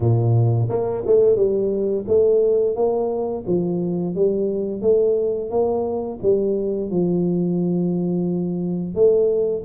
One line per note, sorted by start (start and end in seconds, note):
0.00 0.69 A#2
0.69 1.03 A#3
1.06 1.36 A3
1.36 2.05 G3
2.07 2.75 A3
2.75 3.44 A#3
3.47 4.15 F3
4.15 4.81 G3
4.81 5.50 A3
5.50 6.19 A#3
6.22 6.90 G3
6.90 8.94 F3
8.94 9.63 A3